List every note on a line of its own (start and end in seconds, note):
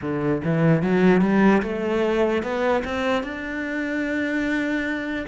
0.01 0.42 D3
0.43 0.82 E3
0.82 1.21 F#3
1.21 1.61 G3
1.62 2.43 A3
2.43 2.83 B3
2.84 3.23 C4
3.23 5.26 D4